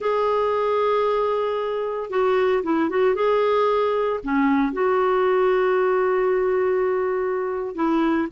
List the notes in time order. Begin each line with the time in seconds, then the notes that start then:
0.00 G#4
2.10 F#4
2.63 E4
2.89 F#4
3.14 G#4
4.23 C#4
4.72 F#4
7.75 E4